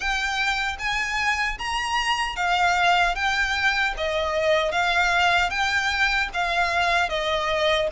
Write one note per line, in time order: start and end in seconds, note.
0.00 0.76 G5
0.79 1.58 G#5
1.58 2.36 A#5
2.36 3.15 F5
3.15 3.94 G5
3.97 4.71 D#5
4.71 5.50 F5
5.50 6.29 G5
6.33 7.09 F5
7.09 7.88 D#5